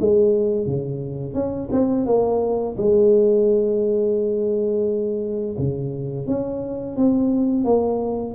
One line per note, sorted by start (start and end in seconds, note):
0.00 0.67 G#3
0.67 1.34 C#3
1.34 1.69 C#4
1.72 2.06 C4
2.06 2.76 A#3
2.77 5.57 G#3
5.58 6.27 C#3
6.27 6.97 C#4
6.97 7.65 C4
7.65 8.34 A#3